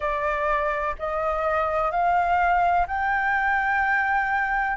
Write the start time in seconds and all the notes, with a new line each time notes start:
0.00 D5
0.98 D#5
1.91 F5
2.87 G5